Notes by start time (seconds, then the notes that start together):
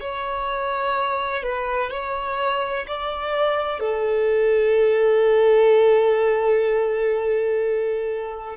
0.00 C#5
1.43 B4
1.90 C#5
2.87 D5
3.80 A4